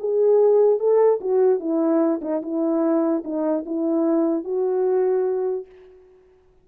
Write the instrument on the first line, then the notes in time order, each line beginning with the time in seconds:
horn
0.00 G#4
0.79 A4
1.21 F#4
1.60 E4
2.22 D#4
2.43 E4
3.24 D#4
3.66 E4
4.44 F#4